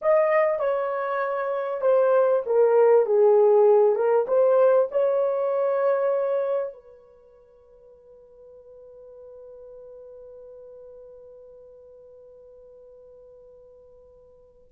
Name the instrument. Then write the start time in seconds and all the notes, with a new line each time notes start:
horn
0.01 D#5
0.59 C#5
1.81 C5
2.46 A#4
3.06 G#4
3.95 A#4
4.27 C5
4.91 C#5
6.73 B4